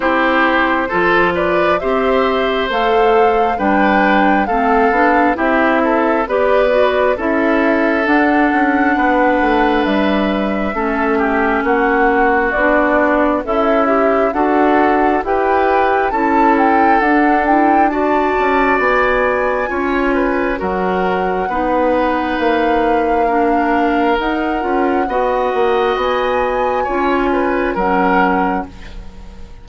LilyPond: <<
  \new Staff \with { instrumentName = "flute" } { \time 4/4 \tempo 4 = 67 c''4. d''8 e''4 f''4 | g''4 f''4 e''4 d''4 | e''4 fis''2 e''4~ | e''4 fis''4 d''4 e''4 |
fis''4 g''4 a''8 g''8 fis''8 g''8 | a''4 gis''2 fis''4~ | fis''4 f''2 fis''4~ | fis''4 gis''2 fis''4 | }
  \new Staff \with { instrumentName = "oboe" } { \time 4/4 g'4 a'8 b'8 c''2 | b'4 a'4 g'8 a'8 b'4 | a'2 b'2 | a'8 g'8 fis'2 e'4 |
a'4 b'4 a'2 | d''2 cis''8 b'8 ais'4 | b'2 ais'2 | dis''2 cis''8 b'8 ais'4 | }
  \new Staff \with { instrumentName = "clarinet" } { \time 4/4 e'4 f'4 g'4 a'4 | d'4 c'8 d'8 e'4 g'8 fis'8 | e'4 d'2. | cis'2 d'4 a'8 g'8 |
fis'4 g'4 e'4 d'8 e'8 | fis'2 f'4 fis'4 | dis'2 d'4 dis'8 f'8 | fis'2 f'4 cis'4 | }
  \new Staff \with { instrumentName = "bassoon" } { \time 4/4 c'4 f4 c'4 a4 | g4 a8 b8 c'4 b4 | cis'4 d'8 cis'8 b8 a8 g4 | a4 ais4 b4 cis'4 |
d'4 e'4 cis'4 d'4~ | d'8 cis'8 b4 cis'4 fis4 | b4 ais2 dis'8 cis'8 | b8 ais8 b4 cis'4 fis4 | }
>>